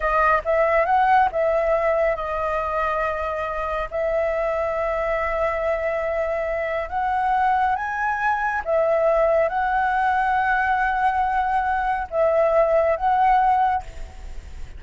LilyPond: \new Staff \with { instrumentName = "flute" } { \time 4/4 \tempo 4 = 139 dis''4 e''4 fis''4 e''4~ | e''4 dis''2.~ | dis''4 e''2.~ | e''1 |
fis''2 gis''2 | e''2 fis''2~ | fis''1 | e''2 fis''2 | }